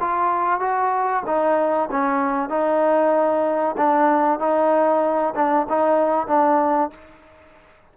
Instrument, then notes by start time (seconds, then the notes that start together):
trombone
0.00 F4
0.60 F#4
1.26 D#4
1.91 C#4
2.49 D#4
3.77 D4
4.39 D#4
5.35 D4
5.69 D#4
6.27 D4